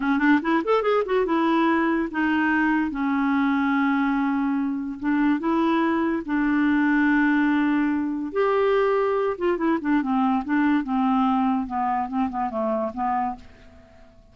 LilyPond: \new Staff \with { instrumentName = "clarinet" } { \time 4/4 \tempo 4 = 144 cis'8 d'8 e'8 a'8 gis'8 fis'8 e'4~ | e'4 dis'2 cis'4~ | cis'1 | d'4 e'2 d'4~ |
d'1 | g'2~ g'8 f'8 e'8 d'8 | c'4 d'4 c'2 | b4 c'8 b8 a4 b4 | }